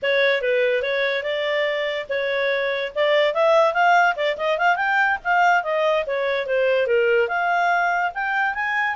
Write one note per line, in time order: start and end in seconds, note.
0.02 0.41 C#5
0.41 0.82 B4
0.82 1.23 C#5
1.23 2.06 D5
2.09 2.92 C#5
2.95 3.34 D5
3.34 3.73 E5
3.73 4.15 F5
4.16 4.36 D5
4.37 4.58 D#5
4.58 4.76 F5
4.76 5.17 G5
5.23 5.63 F5
5.63 6.04 D#5
6.06 6.46 C#5
6.46 6.86 C5
6.86 7.28 A#4
7.28 8.11 F5
8.14 8.54 G5
8.54 8.95 G#5